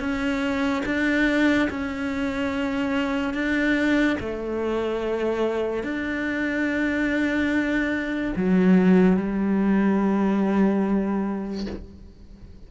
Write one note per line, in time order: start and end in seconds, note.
0.00 0.83 C#4
0.86 1.69 D4
1.70 3.34 C#4
3.34 4.17 D4
4.20 5.84 A3
5.84 8.34 D4
8.37 9.17 F#3
9.17 11.67 G3